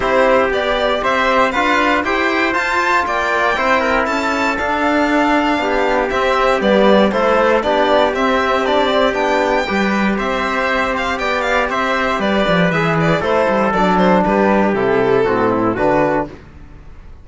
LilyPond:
<<
  \new Staff \with { instrumentName = "violin" } { \time 4/4 \tempo 4 = 118 c''4 d''4 e''4 f''4 | g''4 a''4 g''2 | a''4 f''2. | e''4 d''4 c''4 d''4 |
e''4 d''4 g''2 | e''4. f''8 g''8 f''8 e''4 | d''4 e''8 d''8 c''4 d''8 c''8 | b'4 a'2 b'4 | }
  \new Staff \with { instrumentName = "trumpet" } { \time 4/4 g'2 c''4 b'4 | c''2 d''4 c''8 ais'8 | a'2. g'4~ | g'2 a'4 g'4~ |
g'2. b'4 | c''2 d''4 c''4 | b'2 a'2 | g'2 fis'8 e'8 fis'4 | }
  \new Staff \with { instrumentName = "trombone" } { \time 4/4 e'4 g'2 f'4 | g'4 f'2 e'4~ | e'4 d'2. | c'4 b4 e'4 d'4 |
c'4 d'8 c'8 d'4 g'4~ | g'1~ | g'4 gis'4 e'4 d'4~ | d'4 e'4 c'4 d'4 | }
  \new Staff \with { instrumentName = "cello" } { \time 4/4 c'4 b4 c'4 d'4 | e'4 f'4 ais4 c'4 | cis'4 d'2 b4 | c'4 g4 a4 b4 |
c'2 b4 g4 | c'2 b4 c'4 | g8 f8 e4 a8 g8 fis4 | g4 c4 a,4 d4 | }
>>